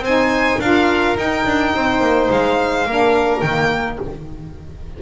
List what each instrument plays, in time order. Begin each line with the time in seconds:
0.00 double bass C4, saxophone D#4, violin C5 G#5
0.60 double bass D4, saxophone F4, violin A#4 F5
1.17 double bass D#4, saxophone D#4, violin G5
1.46 double bass D4
1.74 double bass C4, violin C5
2.01 double bass A#3
2.30 double bass G#3, violin F5
2.86 double bass A#3, saxophone D4, violin A#4
3.40 double bass D#3, saxophone A#3, violin G5